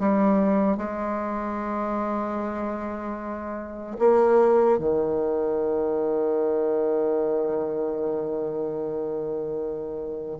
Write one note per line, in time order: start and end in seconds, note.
0.00 0.77 G3
0.77 3.97 G#3
3.99 4.79 A#3
4.79 10.39 D#3